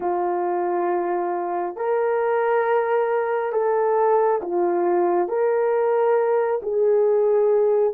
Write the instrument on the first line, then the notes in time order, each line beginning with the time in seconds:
horn
0.00 F4
1.76 A#4
3.52 A4
4.41 F4
5.28 A#4
6.62 G#4